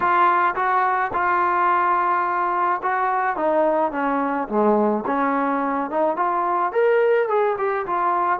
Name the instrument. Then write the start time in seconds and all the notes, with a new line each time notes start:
trombone
0.00 F4
0.55 F#4
1.13 F4
2.82 F#4
3.36 D#4
3.91 C#4
4.48 G#3
5.06 C#4
5.90 D#4
6.16 F4
6.72 A#4
7.28 G#4
7.58 G4
7.86 F4